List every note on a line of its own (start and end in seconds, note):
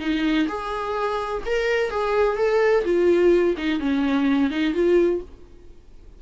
0.00 0.47 D#4
0.49 1.43 G#4
1.46 1.91 A#4
1.91 2.38 G#4
2.38 2.85 A4
2.85 3.56 F4
3.58 3.80 D#4
3.80 4.51 C#4
4.51 4.74 D#4
4.74 5.22 F4